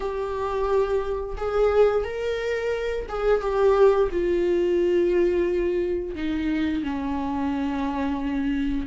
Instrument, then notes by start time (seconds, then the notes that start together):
viola
0.00 G4
1.37 G#4
2.04 A#4
3.08 G#4
3.41 G4
4.11 F4
6.15 D#4
6.83 C#4